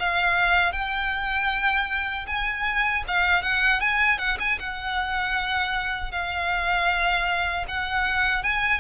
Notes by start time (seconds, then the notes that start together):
0.00 F5
0.72 G5
2.27 G#5
3.08 F5
3.42 F#5
3.80 G#5
4.19 F#5
4.40 G#5
4.59 F#5
6.12 F5
7.68 F#5
8.43 G#5